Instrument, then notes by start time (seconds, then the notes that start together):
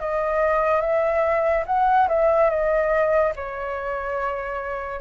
flute
0.00 D#5
0.81 E5
1.66 F#5
2.09 E5
2.50 D#5
3.36 C#5